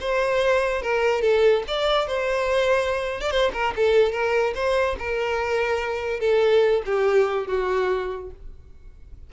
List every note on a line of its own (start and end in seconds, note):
0.00 0.81 C5
0.81 1.21 A#4
1.21 1.63 A4
1.67 2.07 D5
2.07 3.20 C5
3.20 3.30 D5
3.30 3.51 C5
3.53 3.74 A#4
3.76 4.12 A4
4.12 4.53 A#4
4.55 4.96 C5
4.98 6.20 A#4
6.20 6.82 A4
6.85 7.47 G4
7.47 8.30 F#4